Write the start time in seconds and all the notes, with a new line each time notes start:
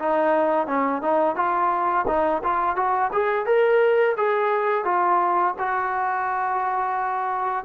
0.00 D#4
0.68 C#4
1.02 D#4
1.36 F4
2.08 D#4
2.44 F4
2.77 F#4
3.13 G#4
3.46 A#4
4.17 G#4
4.85 F4
5.59 F#4